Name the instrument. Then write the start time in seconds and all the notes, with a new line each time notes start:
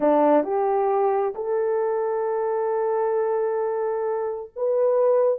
horn
0.00 D4
0.43 G4
1.34 A4
4.56 B4